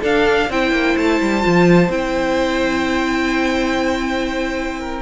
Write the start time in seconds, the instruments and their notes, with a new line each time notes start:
0.00 cello D4, viola D4, violin A4 F5
0.49 cello C4, viola E4, violin C5 G5
0.71 cello A#3
0.96 cello A3, violin A5
1.21 cello G3
1.41 cello F3, viola F4
1.88 cello C4, viola E4, violin G5
4.80 violin A#4